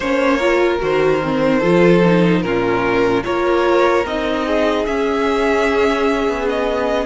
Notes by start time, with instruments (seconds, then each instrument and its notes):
0.00 cello A#3, viola C#4, violin C5 C#5
0.38 viola F4, violin A#4
0.79 cello D#3, viola F#4, violin C5
1.22 viola C4
1.59 cello F3, viola F4, violin A4
2.04 viola D#4
2.42 cello A#2, viola C#4, violin F4 A#4
3.23 cello A#3, viola F4, violin A#4 C#5
4.05 cello C4, viola D#4, violin D#5
4.45 violin G#4
4.85 cello C#4, viola C#4, violin E5
6.28 cello B3
6.49 violin D#5